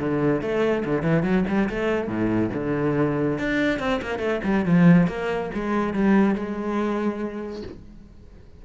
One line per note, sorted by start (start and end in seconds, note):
0.00 0.42 D3
0.42 0.84 A3
0.86 1.03 D3
1.03 1.23 E3
1.23 1.45 F#3
1.48 1.69 G3
1.70 2.08 A3
2.08 2.51 A2
2.54 3.39 D3
3.39 3.80 D4
3.80 4.01 C4
4.02 4.20 A#3
4.20 4.41 A3
4.44 4.66 G3
4.66 5.08 F3
5.08 5.51 A#3
5.55 5.94 G#3
5.94 6.35 G3
6.35 7.63 G#3